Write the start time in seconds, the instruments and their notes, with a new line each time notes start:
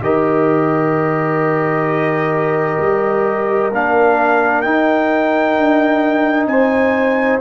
0.00 tuba D#3, trombone G4, horn A#4, trumpet D#5
2.80 tuba G3
3.72 tuba A#3, trombone D4, trumpet F5
4.61 trombone D#4, tuba D#4, trumpet G5
5.57 tuba D4
6.46 tuba C4, horn C5, trumpet G#5